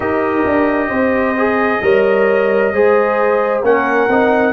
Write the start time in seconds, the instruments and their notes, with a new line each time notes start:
0.00 tuba D#4, trombone G4, horn A#4, trumpet D#5
0.45 tuba D4
0.88 tuba C4, horn C5
1.37 trombone G#4
1.81 tuba G3, trombone A#4, horn C#5
2.73 tuba G#3, trombone G#4, horn C5
3.62 tuba A#3, trombone C#4, horn A#4, trumpet F#5
4.09 tuba C4, trombone D#4